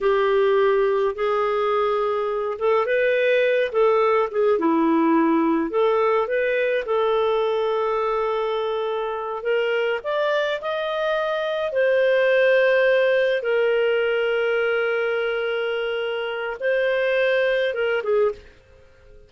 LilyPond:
\new Staff \with { instrumentName = "clarinet" } { \time 4/4 \tempo 4 = 105 g'2 gis'2~ | gis'8 a'8 b'4. a'4 gis'8 | e'2 a'4 b'4 | a'1~ |
a'8 ais'4 d''4 dis''4.~ | dis''8 c''2. ais'8~ | ais'1~ | ais'4 c''2 ais'8 gis'8 | }